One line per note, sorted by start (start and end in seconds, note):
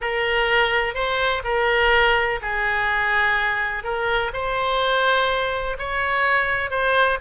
0.01 0.94 A#4
0.94 1.42 C5
1.44 2.40 A#4
2.41 3.83 G#4
3.83 4.31 A#4
4.33 5.77 C5
5.78 6.70 C#5
6.70 7.18 C5